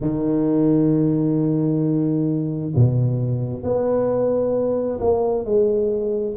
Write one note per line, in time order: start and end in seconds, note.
0.00 2.73 D#3
2.75 3.63 B2
3.63 4.99 B3
5.00 5.44 A#3
5.44 6.35 G#3